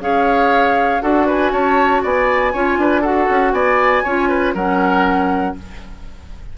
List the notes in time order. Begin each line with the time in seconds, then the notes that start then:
0.00 C#4 G#4 C#5 F5
1.01 D4 F#4 A4 F#5
1.26 B4 G#5
1.52 C#4 C#5 A5
2.02 B3 D5 G#5
2.53 C#4 F4 C#5
2.77 D4 B4
3.01 F#4 A4 F#5
3.29 C#4
3.52 B3 D5 G#5
4.03 C#4 F4 C#5
4.29 B4
4.54 F#3 C#4 A#4 F#5